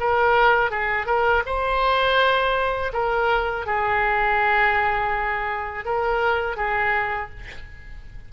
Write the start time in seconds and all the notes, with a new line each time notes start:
0.00 A#4
0.71 G#4
1.07 A#4
1.46 C5
2.94 A#4
3.67 G#4
5.86 A#4
6.57 G#4